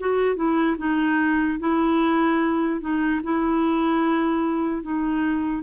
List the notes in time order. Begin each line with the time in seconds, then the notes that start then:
0.00 F#4
0.36 E4
0.78 D#4
1.60 E4
2.80 D#4
3.23 E4
4.82 D#4